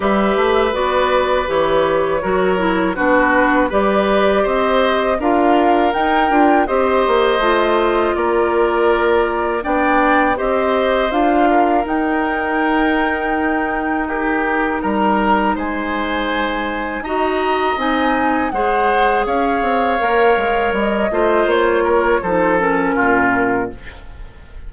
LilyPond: <<
  \new Staff \with { instrumentName = "flute" } { \time 4/4 \tempo 4 = 81 e''4 d''4 cis''2 | b'4 d''4 dis''4 f''4 | g''4 dis''2 d''4~ | d''4 g''4 dis''4 f''4 |
g''2. ais'4 | ais''4 gis''2 ais''4 | gis''4 fis''4 f''2 | dis''4 cis''4 c''8 ais'4. | }
  \new Staff \with { instrumentName = "oboe" } { \time 4/4 b'2. ais'4 | fis'4 b'4 c''4 ais'4~ | ais'4 c''2 ais'4~ | ais'4 d''4 c''4. ais'8~ |
ais'2. g'4 | ais'4 c''2 dis''4~ | dis''4 c''4 cis''2~ | cis''8 c''4 ais'8 a'4 f'4 | }
  \new Staff \with { instrumentName = "clarinet" } { \time 4/4 g'4 fis'4 g'4 fis'8 e'8 | d'4 g'2 f'4 | dis'8 f'8 g'4 f'2~ | f'4 d'4 g'4 f'4 |
dis'1~ | dis'2. fis'4 | dis'4 gis'2 ais'4~ | ais'8 f'4. dis'8 cis'4. | }
  \new Staff \with { instrumentName = "bassoon" } { \time 4/4 g8 a8 b4 e4 fis4 | b4 g4 c'4 d'4 | dis'8 d'8 c'8 ais8 a4 ais4~ | ais4 b4 c'4 d'4 |
dis'1 | g4 gis2 dis'4 | c'4 gis4 cis'8 c'8 ais8 gis8 | g8 a8 ais4 f4 ais,4 | }
>>